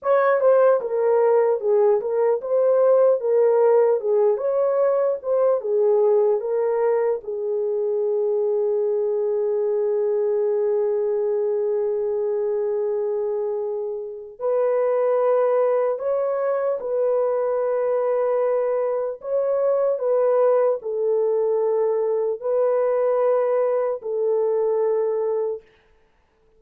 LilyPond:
\new Staff \with { instrumentName = "horn" } { \time 4/4 \tempo 4 = 75 cis''8 c''8 ais'4 gis'8 ais'8 c''4 | ais'4 gis'8 cis''4 c''8 gis'4 | ais'4 gis'2.~ | gis'1~ |
gis'2 b'2 | cis''4 b'2. | cis''4 b'4 a'2 | b'2 a'2 | }